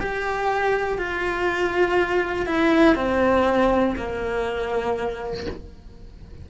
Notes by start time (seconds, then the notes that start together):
0.00 G4
0.98 F4
2.47 E4
2.95 C4
3.96 A#3